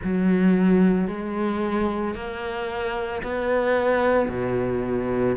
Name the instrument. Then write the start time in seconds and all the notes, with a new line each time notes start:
cello
0.03 F#3
1.07 G#3
2.14 A#3
3.22 B3
4.29 B2